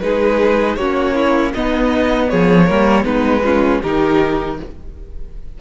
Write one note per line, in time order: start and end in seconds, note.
0.00 0.76 G#3
0.00 0.78 D#4
0.00 0.79 G#4
0.00 0.76 B4
0.76 1.52 A#3
0.76 1.55 C#4
0.76 1.15 F#4
0.76 1.52 C#5
1.15 1.53 E4
1.54 2.68 B3
1.54 2.32 B3
1.54 2.30 D#4
1.54 2.29 D#5
2.29 2.70 F3
2.29 2.66 G#4
2.29 3.05 C#5
2.66 3.04 G3
2.66 3.04 A#3
2.66 3.04 A#4
3.04 3.80 G#3
3.04 3.42 B3
3.04 3.42 D#4
3.04 3.81 B4
3.44 3.82 C#4
3.44 3.82 F4
3.82 4.59 D#3
3.82 4.60 D#4
3.82 4.58 G4
3.82 4.59 A#4